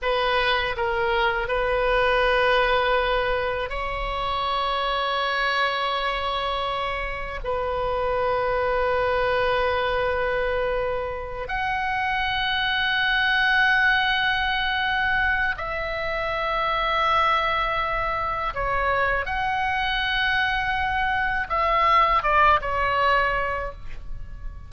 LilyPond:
\new Staff \with { instrumentName = "oboe" } { \time 4/4 \tempo 4 = 81 b'4 ais'4 b'2~ | b'4 cis''2.~ | cis''2 b'2~ | b'2.~ b'8 fis''8~ |
fis''1~ | fis''4 e''2.~ | e''4 cis''4 fis''2~ | fis''4 e''4 d''8 cis''4. | }